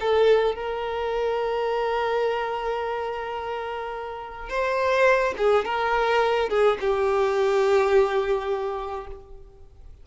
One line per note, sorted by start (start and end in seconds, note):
0.00 0.55 A4
0.55 4.49 A#4
4.49 5.34 C5
5.37 5.65 G#4
5.65 6.49 A#4
6.49 6.78 G#4
6.80 9.07 G4